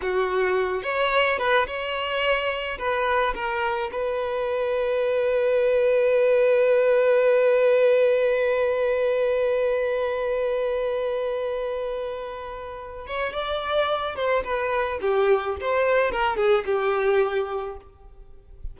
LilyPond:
\new Staff \with { instrumentName = "violin" } { \time 4/4 \tempo 4 = 108 fis'4. cis''4 b'8 cis''4~ | cis''4 b'4 ais'4 b'4~ | b'1~ | b'1~ |
b'1~ | b'2.~ b'8 cis''8 | d''4. c''8 b'4 g'4 | c''4 ais'8 gis'8 g'2 | }